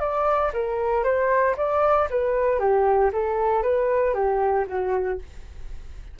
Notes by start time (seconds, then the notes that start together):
0.00 D5
0.53 A#4
1.04 C5
1.57 D5
2.10 B4
2.59 G4
3.12 A4
3.63 B4
4.14 G4
4.67 F#4